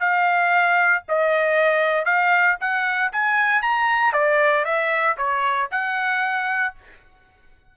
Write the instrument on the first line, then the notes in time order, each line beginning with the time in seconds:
trumpet
0.00 F5
1.09 D#5
2.05 F5
2.61 F#5
3.12 G#5
3.62 A#5
4.13 D5
4.65 E5
5.17 C#5
5.72 F#5